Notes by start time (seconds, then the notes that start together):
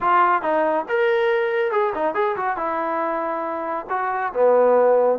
0.01 F4
0.42 D#4
0.88 A#4
1.71 G#4
1.94 D#4
2.14 G#4
2.36 F#4
2.56 E4
3.89 F#4
4.33 B3